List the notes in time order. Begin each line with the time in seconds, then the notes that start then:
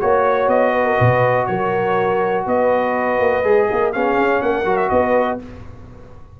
0.00 A#3 F#4 C#5
0.47 B3 D#5
0.72 B4
0.84 A#4
0.96 B2 B4
1.46 F#3 A#4 C#5
2.46 B3 B4 D#5
3.19 A#3
3.44 G#3 G#4
3.69 A#3 A#4
3.93 B3 C#4 G#4 F5
4.17 C#4
4.41 A#3 A#4 F#5
4.64 F#3 F#4
4.76 E5
4.89 B3 B4 D#5